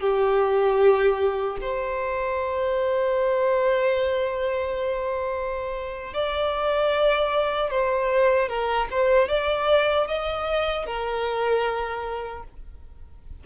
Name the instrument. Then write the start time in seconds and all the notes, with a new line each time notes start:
violin
0.00 G4
1.61 C5
6.14 D5
7.70 C5
8.49 A#4
8.91 C5
9.29 D5
10.08 D#5
10.86 A#4